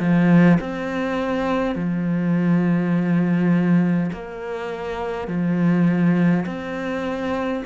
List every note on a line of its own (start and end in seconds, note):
0.00 0.59 F3
0.60 1.75 C4
1.75 4.11 F3
4.13 5.28 A#3
5.28 6.45 F3
6.46 7.64 C4